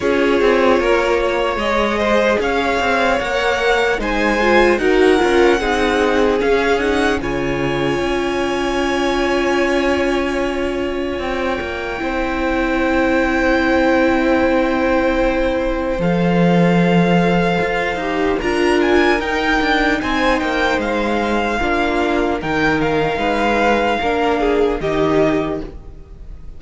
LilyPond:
<<
  \new Staff \with { instrumentName = "violin" } { \time 4/4 \tempo 4 = 75 cis''2 dis''4 f''4 | fis''4 gis''4 fis''2 | f''8 fis''8 gis''2.~ | gis''2 g''2~ |
g''1 | f''2. ais''8 gis''8 | g''4 gis''8 g''8 f''2 | g''8 f''2~ f''8 dis''4 | }
  \new Staff \with { instrumentName = "violin" } { \time 4/4 gis'4 ais'8 cis''4 c''8 cis''4~ | cis''4 c''4 ais'4 gis'4~ | gis'4 cis''2.~ | cis''2. c''4~ |
c''1~ | c''2. ais'4~ | ais'4 c''2 f'4 | ais'4 b'4 ais'8 gis'8 g'4 | }
  \new Staff \with { instrumentName = "viola" } { \time 4/4 f'2 gis'2 | ais'4 dis'8 f'8 fis'8 f'8 dis'4 | cis'8 dis'8 f'2.~ | f'2. e'4~ |
e'1 | a'2~ a'8 g'8 f'4 | dis'2. d'4 | dis'2 d'4 dis'4 | }
  \new Staff \with { instrumentName = "cello" } { \time 4/4 cis'8 c'8 ais4 gis4 cis'8 c'8 | ais4 gis4 dis'8 cis'8 c'4 | cis'4 cis4 cis'2~ | cis'2 c'8 ais8 c'4~ |
c'1 | f2 f'8 dis'8 d'4 | dis'8 d'8 c'8 ais8 gis4 ais4 | dis4 gis4 ais4 dis4 | }
>>